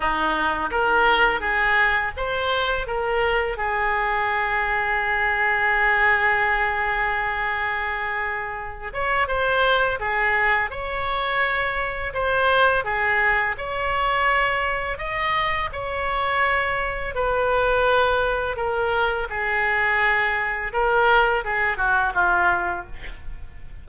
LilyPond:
\new Staff \with { instrumentName = "oboe" } { \time 4/4 \tempo 4 = 84 dis'4 ais'4 gis'4 c''4 | ais'4 gis'2.~ | gis'1~ | gis'8 cis''8 c''4 gis'4 cis''4~ |
cis''4 c''4 gis'4 cis''4~ | cis''4 dis''4 cis''2 | b'2 ais'4 gis'4~ | gis'4 ais'4 gis'8 fis'8 f'4 | }